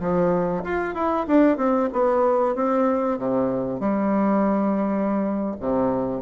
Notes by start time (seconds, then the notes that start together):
0.00 F3
0.64 F4
0.95 E4
1.27 D4
1.57 C4
1.93 B3
2.55 C4
3.18 C3
3.80 G3
5.60 C3